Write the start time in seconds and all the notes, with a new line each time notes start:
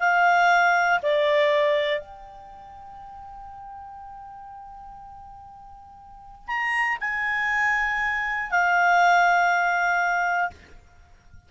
0.00 F5
1.03 D5
2.00 G5
6.48 A#5
7.01 G#5
8.51 F5